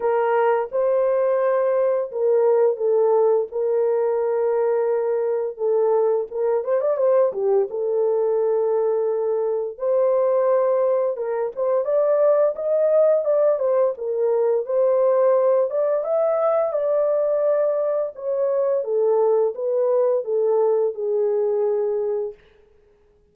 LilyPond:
\new Staff \with { instrumentName = "horn" } { \time 4/4 \tempo 4 = 86 ais'4 c''2 ais'4 | a'4 ais'2. | a'4 ais'8 c''16 d''16 c''8 g'8 a'4~ | a'2 c''2 |
ais'8 c''8 d''4 dis''4 d''8 c''8 | ais'4 c''4. d''8 e''4 | d''2 cis''4 a'4 | b'4 a'4 gis'2 | }